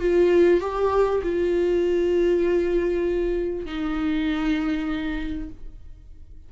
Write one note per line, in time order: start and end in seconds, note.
0.00 0.61 F4
0.61 1.22 G4
1.23 3.66 F4
3.66 5.49 D#4